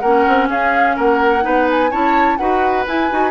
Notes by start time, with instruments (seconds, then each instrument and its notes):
0.00 bassoon A#3, oboe A#4, flute F#5
0.06 clarinet C#4
0.27 bassoon C4
0.49 bassoon C#4, oboe G#4, flute F5
0.96 bassoon A#3, oboe A#4, flute F#5
1.42 bassoon B3, clarinet D#4, oboe B4
1.70 flute G#5
1.91 bassoon C#4, clarinet E4, oboe C#5, flute A5
2.37 bassoon D#4, clarinet F#4, oboe B4, flute F#5
2.86 clarinet E4, bassoon E4, flute G#5
3.11 bassoon D#4, clarinet F#4